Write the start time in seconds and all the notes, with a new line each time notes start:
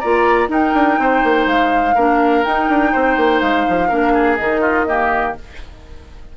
0.00 A#3 F4 D5 A#5
0.48 D#4 A#4 G5
0.74 D4
0.99 C4 C5
1.24 A#3
1.47 G#3 F5
1.95 A#3 D4 A#4
2.44 D#4 G5
2.69 D4
2.92 C4 C5
3.17 A#3
3.40 G#3 F5
3.68 F3
3.88 A#3 D4 A#4
4.13 G#4
4.36 D#3 D#4 D#5
4.61 F4
4.87 A#3 G4